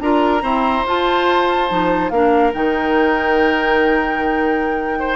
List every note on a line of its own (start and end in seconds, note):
0.00 0.42 D4
0.00 0.40 F4
0.00 0.42 A#4
0.00 0.85 A#5
0.40 0.82 C4
0.40 0.85 E4
0.40 2.11 C5
0.85 1.70 F4
0.85 1.68 F4
0.85 2.09 A5
1.68 2.10 F3
1.68 2.11 D#4
2.09 2.53 A#3
2.09 2.52 D4
2.09 4.98 A#4
2.09 2.51 F5
2.52 5.16 D#3
2.52 5.16 D#4
2.52 5.16 G5
4.99 5.16 C5